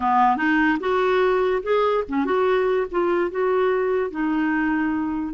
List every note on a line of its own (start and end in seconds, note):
0.00 0.36 B3
0.36 0.78 D#4
0.80 1.62 F#4
1.63 2.04 G#4
2.08 2.25 C#4
2.25 2.87 F#4
2.91 3.30 F4
3.30 4.11 F#4
4.11 5.34 D#4